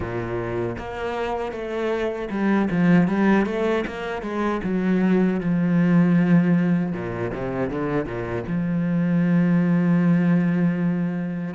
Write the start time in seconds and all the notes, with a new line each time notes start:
0.00 A#2
0.77 A#3
1.52 A3
2.30 G3
2.70 F3
3.07 G3
3.45 A3
3.86 A#3
4.22 G#3
4.63 F#3
5.40 F3
6.92 A#2
7.33 C3
7.70 D3
8.05 A#2
8.47 F3